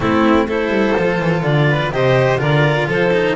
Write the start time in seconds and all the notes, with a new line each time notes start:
0.00 A3 C4 E4 A4
0.47 E4 A4 C5
0.68 G3
0.97 F3 F4
1.19 E3
1.43 D3 D5
1.69 B4
1.91 C3 G4 C5 D#5
2.38 D3 F4 A#4 D5
2.87 F3 A4 C5
3.13 D#4